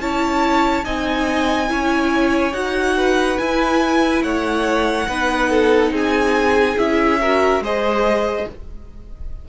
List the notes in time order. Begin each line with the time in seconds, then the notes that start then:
0.00 C#4 E4 C#5 A5
0.84 C4 D#4 D#5 G#5
1.67 C#4 E4 C#5
2.52 D#4 F#4 F#5
2.97 B4
3.38 E4 G#5
4.23 A3 C#5 F#5
5.07 B3 D#4 B4
5.49 A4
5.91 C4 G#4 G#5
6.77 C#4 E4 E5
7.20 F#4 A#4
7.60 G#3 G#4 C5 D#5